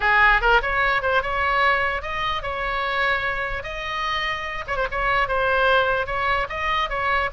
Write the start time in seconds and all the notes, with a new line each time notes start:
0.00 G#4
0.41 A#4
0.62 C#5
1.02 C5
1.22 C#5
2.02 D#5
2.42 C#5
3.63 D#5
4.67 C#5
4.76 C5
4.91 C#5
5.28 C5
6.06 C#5
6.49 D#5
6.89 C#5